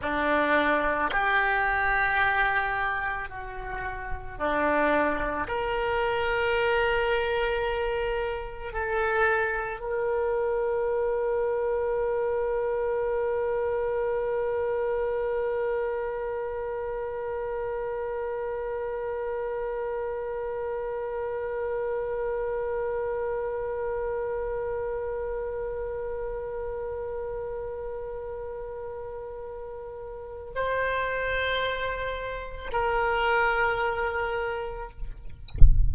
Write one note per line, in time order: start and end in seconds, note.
0.01 1.11 D4
1.11 3.28 G4
3.28 4.37 F#4
4.38 5.47 D4
5.47 8.73 A#4
8.73 9.79 A4
9.79 30.52 A#4
30.55 32.72 C5
32.72 34.90 A#4